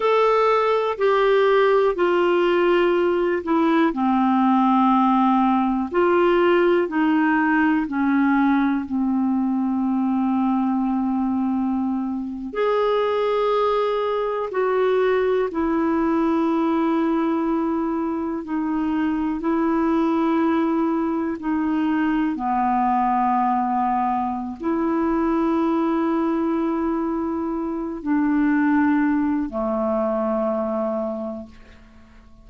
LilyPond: \new Staff \with { instrumentName = "clarinet" } { \time 4/4 \tempo 4 = 61 a'4 g'4 f'4. e'8 | c'2 f'4 dis'4 | cis'4 c'2.~ | c'8. gis'2 fis'4 e'16~ |
e'2~ e'8. dis'4 e'16~ | e'4.~ e'16 dis'4 b4~ b16~ | b4 e'2.~ | e'8 d'4. a2 | }